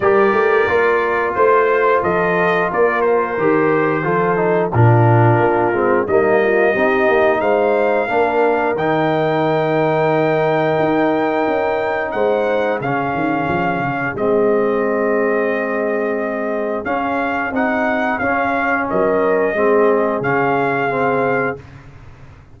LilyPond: <<
  \new Staff \with { instrumentName = "trumpet" } { \time 4/4 \tempo 4 = 89 d''2 c''4 dis''4 | d''8 c''2~ c''8 ais'4~ | ais'4 dis''2 f''4~ | f''4 g''2.~ |
g''2 fis''4 f''4~ | f''4 dis''2.~ | dis''4 f''4 fis''4 f''4 | dis''2 f''2 | }
  \new Staff \with { instrumentName = "horn" } { \time 4/4 ais'2 c''4 a'4 | ais'2 a'4 f'4~ | f'4 dis'8 f'8 g'4 c''4 | ais'1~ |
ais'2 c''4 gis'4~ | gis'1~ | gis'1 | ais'4 gis'2. | }
  \new Staff \with { instrumentName = "trombone" } { \time 4/4 g'4 f'2.~ | f'4 g'4 f'8 dis'8 d'4~ | d'8 c'8 ais4 dis'2 | d'4 dis'2.~ |
dis'2. cis'4~ | cis'4 c'2.~ | c'4 cis'4 dis'4 cis'4~ | cis'4 c'4 cis'4 c'4 | }
  \new Staff \with { instrumentName = "tuba" } { \time 4/4 g8 a8 ais4 a4 f4 | ais4 dis4 f4 ais,4 | ais8 gis8 g4 c'8 ais8 gis4 | ais4 dis2. |
dis'4 cis'4 gis4 cis8 dis8 | f8 cis8 gis2.~ | gis4 cis'4 c'4 cis'4 | fis4 gis4 cis2 | }
>>